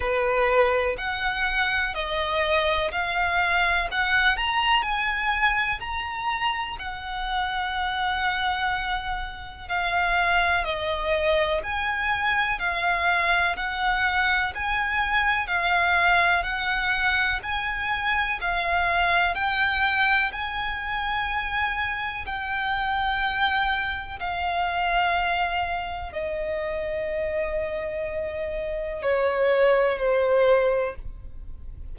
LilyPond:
\new Staff \with { instrumentName = "violin" } { \time 4/4 \tempo 4 = 62 b'4 fis''4 dis''4 f''4 | fis''8 ais''8 gis''4 ais''4 fis''4~ | fis''2 f''4 dis''4 | gis''4 f''4 fis''4 gis''4 |
f''4 fis''4 gis''4 f''4 | g''4 gis''2 g''4~ | g''4 f''2 dis''4~ | dis''2 cis''4 c''4 | }